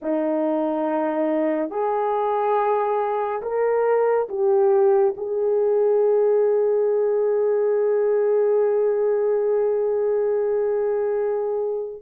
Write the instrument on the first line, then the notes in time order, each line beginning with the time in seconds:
horn
0.02 D#4
1.69 G#4
3.42 A#4
4.28 G4
5.17 G#4